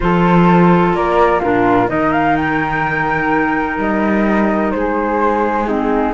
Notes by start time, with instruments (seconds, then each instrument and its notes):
0.00 cello F3, clarinet F4, flute A4 C5
0.93 cello A#3, flute A#4 D5
1.39 cello A#2, clarinet D4, flute F4 A#4
1.86 cello D#3, clarinet D#4, flute A#4 D#5
2.12 flute F5
2.36 flute G5
3.78 cello G3, flute D#5
4.71 cello G#3, flute G#4 C5
5.66 clarinet C4, flute D#4 G#4